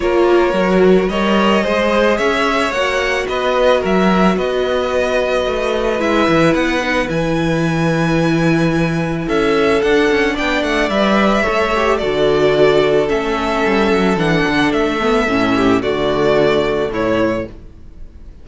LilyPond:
<<
  \new Staff \with { instrumentName = "violin" } { \time 4/4 \tempo 4 = 110 cis''2 dis''2 | e''4 fis''4 dis''4 e''4 | dis''2. e''4 | fis''4 gis''2.~ |
gis''4 e''4 fis''4 g''8 fis''8 | e''2 d''2 | e''2 fis''4 e''4~ | e''4 d''2 cis''4 | }
  \new Staff \with { instrumentName = "violin" } { \time 4/4 ais'2 cis''4 c''4 | cis''2 b'4 ais'4 | b'1~ | b'1~ |
b'4 a'2 d''4~ | d''4 cis''4 a'2~ | a'1~ | a'8 g'8 fis'2 e'4 | }
  \new Staff \with { instrumentName = "viola" } { \time 4/4 f'4 fis'4 ais'4 gis'4~ | gis'4 fis'2.~ | fis'2. e'4~ | e'8 dis'8 e'2.~ |
e'2 d'2 | b'4 a'8 g'8 fis'2 | cis'2 d'4. b8 | cis'4 a2. | }
  \new Staff \with { instrumentName = "cello" } { \time 4/4 ais4 fis4 g4 gis4 | cis'4 ais4 b4 fis4 | b2 a4 gis8 e8 | b4 e2.~ |
e4 cis'4 d'8 cis'8 b8 a8 | g4 a4 d2 | a4 g8 fis8 e8 d8 a4 | a,4 d2 a,4 | }
>>